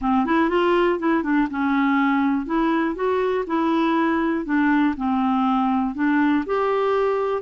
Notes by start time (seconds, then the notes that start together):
0.01 C4
0.25 E4
0.49 F4
0.99 E4
1.23 D4
1.50 C#4
2.46 E4
2.95 F#4
3.46 E4
4.45 D4
4.96 C4
5.94 D4
6.46 G4